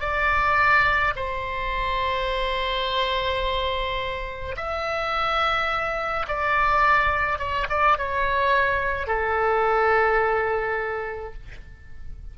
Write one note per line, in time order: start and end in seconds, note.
0.00 1.13 D5
1.15 4.55 C5
4.56 6.26 E5
6.27 7.38 D5
7.38 7.67 C#5
7.69 7.98 D5
7.98 9.07 C#5
9.07 11.33 A4